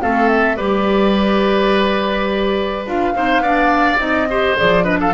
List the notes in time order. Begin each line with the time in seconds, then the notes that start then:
0.00 A3 C4 A4 F5
0.29 E5
0.56 G3 G4 B4 D5
2.86 D4 F4 F5
3.14 C4 D#4 C5
3.39 B3 D4 D5
3.96 C4 D#4 D#5
4.30 G4 C5
4.57 F3 G#4 D5
4.83 D4 B4 D#5
5.00 A4 F5